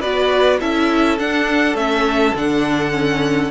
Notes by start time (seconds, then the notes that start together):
0.00 B3 F#4 B4 D5
0.60 C#4 E4 A4 E5
1.19 D4 F#5
1.74 A3 C#4 E5
2.34 D3 D4 F#5
2.92 C#4